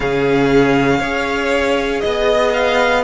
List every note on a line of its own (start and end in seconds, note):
0.00 1.00 C#3
0.00 1.01 C#4
0.00 0.99 G#4
0.00 2.00 F5
0.99 2.02 C#4
0.99 3.03 G#4
0.99 2.00 C#5
2.00 3.03 B3
2.00 2.51 D#5
2.00 3.03 D#5
2.53 3.03 F5